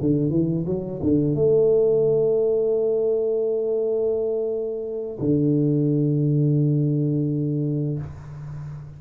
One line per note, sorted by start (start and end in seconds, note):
0.00 0.29 D3
0.29 0.64 E3
0.66 1.01 F#3
1.02 1.34 D3
1.34 5.18 A3
5.19 7.98 D3